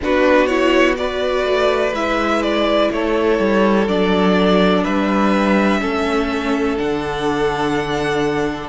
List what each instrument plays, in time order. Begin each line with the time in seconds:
0.01 cello B3, viola D4, violin F#4 B4
0.46 viola E4, violin C#5
0.95 viola F#4, violin B4 D5
1.44 cello A3
1.92 cello G#3, viola E4, violin E5
2.42 violin D5
2.90 cello A3, violin A4 C#5
3.39 cello G3
3.87 cello F#3, viola D4, violin D5
4.83 cello G3, violin B4 E5
5.80 cello A3, viola C#4, violin A4
6.77 cello D3, viola D4, violin F#5